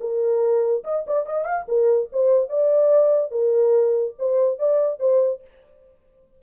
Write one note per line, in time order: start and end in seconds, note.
0.00 0.83 A#4
0.84 1.05 D#5
1.06 1.26 D5
1.26 1.44 D#5
1.44 1.65 F5
1.68 2.09 A#4
2.12 2.49 C5
2.49 3.31 D5
3.31 4.14 A#4
4.18 4.58 C5
4.58 4.99 D5
4.99 5.41 C5